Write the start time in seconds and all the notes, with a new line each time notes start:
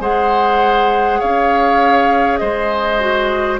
0.00 G#3 G#4 C5 F#5
1.19 C#4 C#5 F5
2.37 G#3 C5 D#5
2.99 F#4